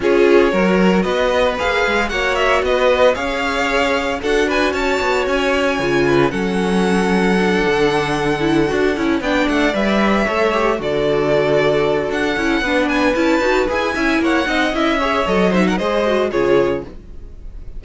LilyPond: <<
  \new Staff \with { instrumentName = "violin" } { \time 4/4 \tempo 4 = 114 cis''2 dis''4 f''4 | fis''8 e''8 dis''4 f''2 | fis''8 gis''8 a''4 gis''2 | fis''1~ |
fis''4. g''8 fis''8 e''4.~ | e''8 d''2~ d''8 fis''4~ | fis''8 gis''8 a''4 gis''4 fis''4 | e''4 dis''8 e''16 fis''16 dis''4 cis''4 | }
  \new Staff \with { instrumentName = "violin" } { \time 4/4 gis'4 ais'4 b'2 | cis''4 b'4 cis''2 | a'8 b'8 cis''2~ cis''8 b'8 | a'1~ |
a'4. d''2 cis''8~ | cis''8 a'2.~ a'8 | b'2~ b'8 e''8 cis''8 dis''8~ | dis''8 cis''4 c''16 ais'16 c''4 gis'4 | }
  \new Staff \with { instrumentName = "viola" } { \time 4/4 f'4 fis'2 gis'4 | fis'2 gis'2 | fis'2. f'4 | cis'2 d'2 |
e'8 fis'8 e'8 d'4 b'4 a'8 | g'8 fis'2. e'8 | d'4 e'8 fis'8 gis'8 e'4 dis'8 | e'8 gis'8 a'8 dis'8 gis'8 fis'8 f'4 | }
  \new Staff \with { instrumentName = "cello" } { \time 4/4 cis'4 fis4 b4 ais8 gis8 | ais4 b4 cis'2 | d'4 cis'8 b8 cis'4 cis4 | fis2~ fis8 d4.~ |
d8 d'8 cis'8 b8 a8 g4 a8~ | a8 d2~ d8 d'8 cis'8 | b4 cis'8 dis'8 e'8 cis'8 ais8 c'8 | cis'4 fis4 gis4 cis4 | }
>>